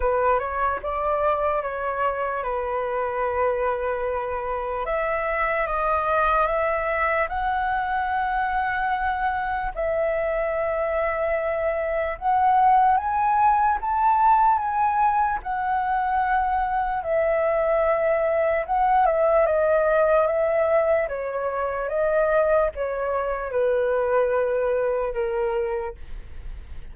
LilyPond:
\new Staff \with { instrumentName = "flute" } { \time 4/4 \tempo 4 = 74 b'8 cis''8 d''4 cis''4 b'4~ | b'2 e''4 dis''4 | e''4 fis''2. | e''2. fis''4 |
gis''4 a''4 gis''4 fis''4~ | fis''4 e''2 fis''8 e''8 | dis''4 e''4 cis''4 dis''4 | cis''4 b'2 ais'4 | }